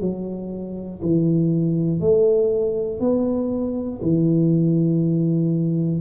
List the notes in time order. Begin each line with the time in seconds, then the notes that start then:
0.00 F#3
1.01 E3
2.00 A3
3.00 B3
4.01 E3